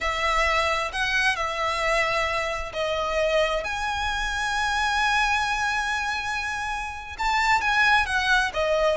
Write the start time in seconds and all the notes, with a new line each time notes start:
0.00 E5
0.92 F#5
1.36 E5
2.73 D#5
3.64 G#5
7.18 A5
7.61 G#5
8.06 F#5
8.53 D#5